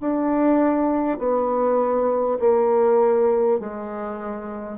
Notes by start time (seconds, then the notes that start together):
0.00 D4
1.18 B3
2.39 A#3
3.59 G#3